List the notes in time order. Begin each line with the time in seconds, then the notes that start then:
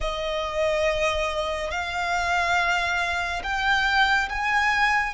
0.00 D#5
1.71 F5
3.43 G5
4.29 G#5